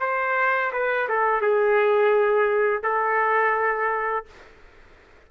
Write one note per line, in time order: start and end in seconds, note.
0.00 0.71 C5
0.72 1.08 B4
1.09 1.41 A4
1.41 2.83 G#4
2.83 4.26 A4